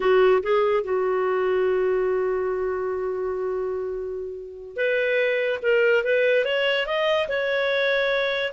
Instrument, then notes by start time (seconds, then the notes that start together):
clarinet
0.00 F#4
0.43 G#4
0.83 F#4
4.76 B4
5.62 A#4
6.04 B4
6.44 C#5
6.86 D#5
7.28 C#5